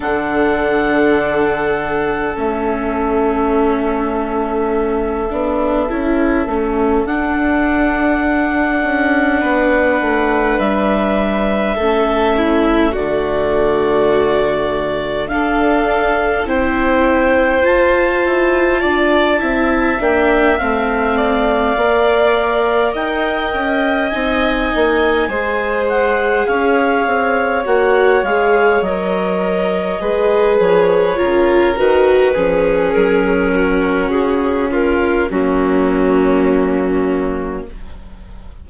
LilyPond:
<<
  \new Staff \with { instrumentName = "clarinet" } { \time 4/4 \tempo 4 = 51 fis''2 e''2~ | e''2 fis''2~ | fis''4 e''2 d''4~ | d''4 f''4 g''4 a''4~ |
a''4 g''8 f''2 g''8~ | g''8 gis''4. fis''8 f''4 fis''8 | f''8 dis''4. cis''4 b'4 | ais'4 gis'8 ais'8 fis'2 | }
  \new Staff \with { instrumentName = "violin" } { \time 4/4 a'1~ | a'1 | b'2 a'8 e'8 fis'4~ | fis'4 a'4 c''2 |
d''8 e''4. d''4. dis''8~ | dis''4. c''4 cis''4.~ | cis''4. b'4 ais'4 gis'8~ | gis'8 fis'4 f'8 cis'2 | }
  \new Staff \with { instrumentName = "viola" } { \time 4/4 d'2 cis'2~ | cis'8 d'8 e'8 cis'8 d'2~ | d'2 cis'4 a4~ | a4 d'4 e'4 f'4~ |
f'8 e'8 d'8 c'4 ais'4.~ | ais'8 dis'4 gis'2 fis'8 | gis'8 ais'4 gis'4 f'8 fis'8 cis'8~ | cis'2 ais2 | }
  \new Staff \with { instrumentName = "bassoon" } { \time 4/4 d2 a2~ | a8 b8 cis'8 a8 d'4. cis'8 | b8 a8 g4 a4 d4~ | d4 d'4 c'4 f'8 e'8 |
d'8 c'8 ais8 a4 ais4 dis'8 | cis'8 c'8 ais8 gis4 cis'8 c'8 ais8 | gis8 fis4 gis8 f8 cis8 dis8 f8 | fis4 cis4 fis2 | }
>>